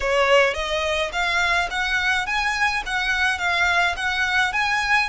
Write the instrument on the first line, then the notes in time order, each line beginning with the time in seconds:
violin
0.00 C#5
0.54 D#5
1.12 F5
1.70 F#5
2.26 G#5
2.86 F#5
3.38 F5
3.96 F#5
4.53 G#5